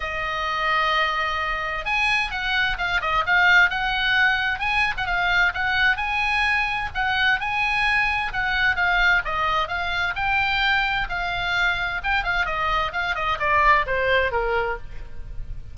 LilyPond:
\new Staff \with { instrumentName = "oboe" } { \time 4/4 \tempo 4 = 130 dis''1 | gis''4 fis''4 f''8 dis''8 f''4 | fis''2 gis''8. fis''16 f''4 | fis''4 gis''2 fis''4 |
gis''2 fis''4 f''4 | dis''4 f''4 g''2 | f''2 g''8 f''8 dis''4 | f''8 dis''8 d''4 c''4 ais'4 | }